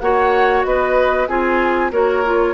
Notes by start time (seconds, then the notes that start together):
0.00 A#3 F#4 C#5 F#5
0.64 B3 B4 D#5
1.28 C4 F4 G#4 G#5
1.91 A#3 F#4 A#4 C#5
2.26 F4